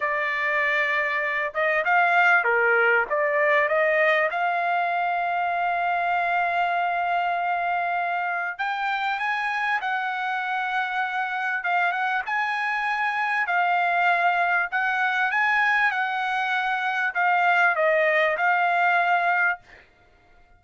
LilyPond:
\new Staff \with { instrumentName = "trumpet" } { \time 4/4 \tempo 4 = 98 d''2~ d''8 dis''8 f''4 | ais'4 d''4 dis''4 f''4~ | f''1~ | f''2 g''4 gis''4 |
fis''2. f''8 fis''8 | gis''2 f''2 | fis''4 gis''4 fis''2 | f''4 dis''4 f''2 | }